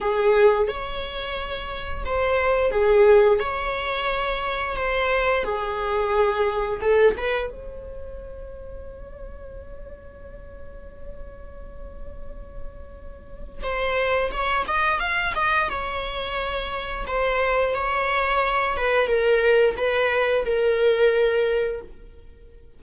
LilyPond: \new Staff \with { instrumentName = "viola" } { \time 4/4 \tempo 4 = 88 gis'4 cis''2 c''4 | gis'4 cis''2 c''4 | gis'2 a'8 b'8 cis''4~ | cis''1~ |
cis''1 | c''4 cis''8 dis''8 f''8 dis''8 cis''4~ | cis''4 c''4 cis''4. b'8 | ais'4 b'4 ais'2 | }